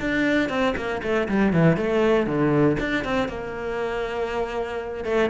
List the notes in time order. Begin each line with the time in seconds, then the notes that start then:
0.00 D4
0.49 C4
0.76 A#3
1.03 A3
1.28 G3
1.53 E3
1.77 A3
2.26 D3
2.79 D4
3.04 C4
3.28 A#3
5.04 A3